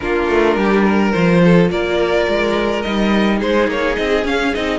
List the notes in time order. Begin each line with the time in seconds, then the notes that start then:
0.00 A#3 D4 F4 A#4
0.28 A3
0.56 G3 G4
0.85 A#4
1.11 F3 F4 C5
1.44 A4
1.70 A#3 A#4 D5
2.27 G#3
2.82 G3 D#4 D#5
3.37 G#3 G#4 C5
3.67 A#3 C#5
3.96 C4 D#5
4.24 C#4 F5
4.54 C4 D#4 D#5